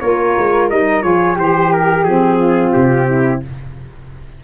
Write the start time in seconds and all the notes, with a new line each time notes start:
0.00 A#3 F4 A#4 C#5
0.38 G#3
0.70 G3 D#4 D#5
1.01 F3 F4 G#4 C#5
1.35 E3 G4 C5
1.73 A#4
2.04 F3 C4 G#4
2.38 F4
2.73 C3 G4
3.08 E4